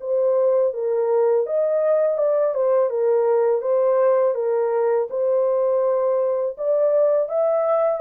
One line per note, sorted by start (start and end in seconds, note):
0.00 0.73 C5
0.73 1.46 A#4
1.46 2.18 D#5
2.18 2.54 D5
2.54 2.90 C5
2.90 3.61 A#4
3.61 4.34 C5
4.35 5.08 A#4
5.10 6.56 C5
6.57 7.29 D5
7.29 8.00 E5